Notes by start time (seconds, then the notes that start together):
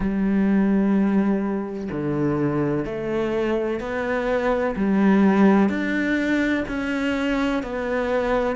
0.00 G3
1.91 D3
2.85 A3
3.80 B3
4.76 G3
5.69 D4
6.68 C#4
7.62 B3